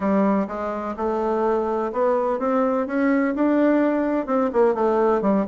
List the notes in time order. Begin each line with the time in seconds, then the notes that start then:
0.00 G3
0.47 G#3
0.96 A3
1.92 B3
2.39 C4
2.86 C#4
3.35 D4
4.26 C4
4.52 A#3
4.74 A3
5.21 G3